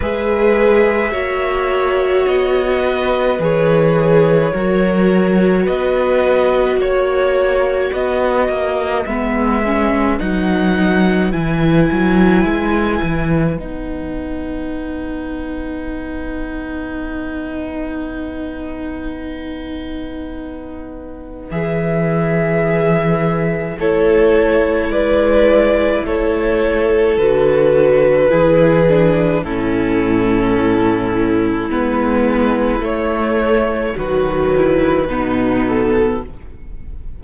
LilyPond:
<<
  \new Staff \with { instrumentName = "violin" } { \time 4/4 \tempo 4 = 53 e''2 dis''4 cis''4~ | cis''4 dis''4 cis''4 dis''4 | e''4 fis''4 gis''2 | fis''1~ |
fis''2. e''4~ | e''4 cis''4 d''4 cis''4 | b'2 a'2 | b'4 cis''4 b'4. a'8 | }
  \new Staff \with { instrumentName = "violin" } { \time 4/4 b'4 cis''4. b'4. | ais'4 b'4 cis''4 b'4~ | b'1~ | b'1~ |
b'1~ | b'4 a'4 b'4 a'4~ | a'4 gis'4 e'2~ | e'2 fis'8 e'8 dis'4 | }
  \new Staff \with { instrumentName = "viola" } { \time 4/4 gis'4 fis'2 gis'4 | fis'1 | b8 cis'8 dis'4 e'2 | dis'1~ |
dis'2. gis'4~ | gis'4 e'2. | fis'4 e'8 d'8 cis'2 | b4 a4 fis4 b4 | }
  \new Staff \with { instrumentName = "cello" } { \time 4/4 gis4 ais4 b4 e4 | fis4 b4 ais4 b8 ais8 | gis4 fis4 e8 fis8 gis8 e8 | b1~ |
b2. e4~ | e4 a4 gis4 a4 | d4 e4 a,2 | gis4 a4 dis4 b,4 | }
>>